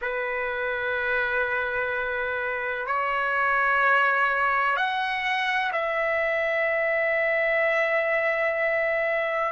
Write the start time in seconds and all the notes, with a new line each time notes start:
0.01 B4
2.86 C#5
4.76 F#5
5.72 E5